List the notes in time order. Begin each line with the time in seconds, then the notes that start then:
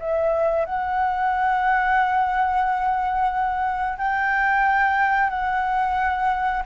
0.00 E5
0.65 F#5
3.98 G5
5.30 F#5